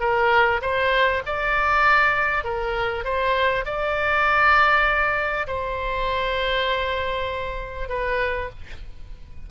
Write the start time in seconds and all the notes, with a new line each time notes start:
0.00 A#4
0.62 C5
1.26 D5
2.44 A#4
3.04 C5
3.65 D5
5.47 C5
7.89 B4